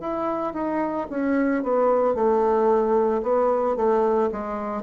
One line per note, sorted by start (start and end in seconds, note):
0.00 0.53 E4
0.53 1.07 D#4
1.10 1.63 C#4
1.63 2.14 B3
2.14 3.21 A3
3.22 3.76 B3
3.76 4.30 A3
4.31 4.82 G#3